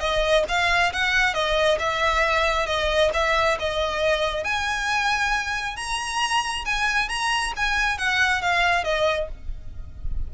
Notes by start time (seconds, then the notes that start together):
0.00 D#5
0.49 F5
0.93 F#5
1.34 D#5
1.79 E5
2.67 D#5
3.14 E5
3.59 D#5
4.44 G#5
5.77 A#5
6.65 G#5
7.09 A#5
7.56 G#5
7.98 F#5
8.42 F5
8.84 D#5